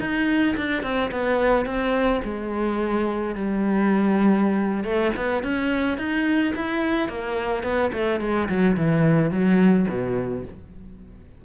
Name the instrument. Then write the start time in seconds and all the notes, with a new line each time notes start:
cello
0.00 D#4
0.57 D4
0.83 C4
1.11 B3
1.66 C4
2.24 G#3
3.35 G3
4.84 A3
5.17 B3
5.43 C#4
5.98 D#4
6.56 E4
7.09 A#3
7.63 B3
7.93 A3
8.20 G#3
8.49 F#3
8.77 E3
9.31 F#3
9.89 B2